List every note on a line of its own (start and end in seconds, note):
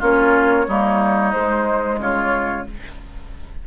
0.00 0.68 A#3
0.00 0.67 C#4
0.00 0.66 F4
0.00 1.33 C#5
0.68 1.34 G3
0.68 1.34 A#3
0.68 2.01 D#4
1.33 2.65 G#3
1.33 1.98 G#3
1.33 1.99 C5
1.98 2.64 C#3
1.98 2.67 F4
1.98 2.67 C#5